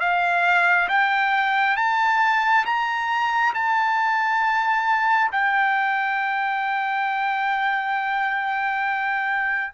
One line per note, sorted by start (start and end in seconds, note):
0.00 0.88 F5
0.89 1.77 G5
1.77 2.65 A5
2.66 3.54 A#5
3.55 5.31 A5
5.32 9.73 G5